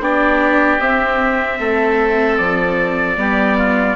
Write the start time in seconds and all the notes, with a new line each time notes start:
0.00 B3 D4 G4 D5
0.79 C4 E5
1.59 A3 A4
2.38 F3 D5
3.18 G3 B3 G4
3.58 F4